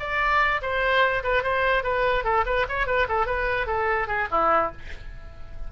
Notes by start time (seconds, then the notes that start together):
0.00 D5
0.62 C5
1.24 B4
1.43 C5
1.84 B4
2.24 A4
2.46 B4
2.69 C#5
2.87 B4
3.09 A4
3.26 B4
3.67 A4
4.08 G#4
4.31 E4